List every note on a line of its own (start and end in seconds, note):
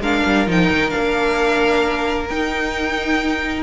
0.00 0.23 G#3
0.00 0.47 D4
0.00 3.62 A#4
0.00 0.48 F5
0.26 0.47 G3
0.47 0.70 F3
0.47 0.90 D#4
0.47 0.90 G5
0.70 0.93 D#3
0.90 2.30 A#3
0.90 2.26 D4
0.90 2.26 F5
2.29 3.62 D#4
2.29 3.62 G5